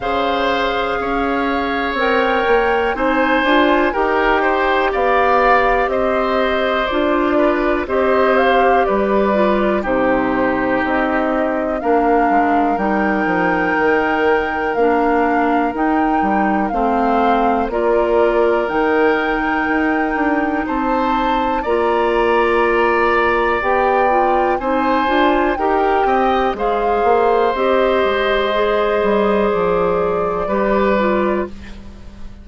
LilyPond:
<<
  \new Staff \with { instrumentName = "flute" } { \time 4/4 \tempo 4 = 61 f''2 g''4 gis''4 | g''4 f''4 dis''4 d''4 | dis''8 f''8 d''4 c''4 dis''4 | f''4 g''2 f''4 |
g''4 f''4 d''4 g''4~ | g''4 a''4 ais''2 | g''4 gis''4 g''4 f''4 | dis''2 d''2 | }
  \new Staff \with { instrumentName = "oboe" } { \time 4/4 c''4 cis''2 c''4 | ais'8 c''8 d''4 c''4. b'8 | c''4 b'4 g'2 | ais'1~ |
ais'4 c''4 ais'2~ | ais'4 c''4 d''2~ | d''4 c''4 ais'8 dis''8 c''4~ | c''2. b'4 | }
  \new Staff \with { instrumentName = "clarinet" } { \time 4/4 gis'2 ais'4 dis'8 f'8 | g'2. f'4 | g'4. f'8 dis'2 | d'4 dis'2 d'4 |
dis'4 c'4 f'4 dis'4~ | dis'2 f'2 | g'8 f'8 dis'8 f'8 g'4 gis'4 | g'4 gis'2 g'8 f'8 | }
  \new Staff \with { instrumentName = "bassoon" } { \time 4/4 cis4 cis'4 c'8 ais8 c'8 d'8 | dis'4 b4 c'4 d'4 | c'4 g4 c4 c'4 | ais8 gis8 g8 f8 dis4 ais4 |
dis'8 g8 a4 ais4 dis4 | dis'8 d'8 c'4 ais2 | b4 c'8 d'8 dis'8 c'8 gis8 ais8 | c'8 gis4 g8 f4 g4 | }
>>